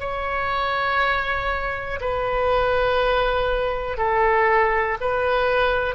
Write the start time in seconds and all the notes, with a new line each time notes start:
0.00 C#5
2.01 B4
3.98 A4
5.00 B4